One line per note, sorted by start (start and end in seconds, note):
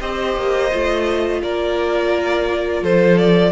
0.00 0.36 C4
0.00 0.71 G4
0.00 1.41 C5
0.00 1.42 D#5
0.36 0.72 A#3
0.72 1.42 A3
0.72 3.52 F4
1.42 2.82 A#3
1.42 2.82 A#4
1.42 2.84 D5
2.82 3.52 F3
2.82 3.52 A4
2.82 3.18 C5
3.18 3.52 D5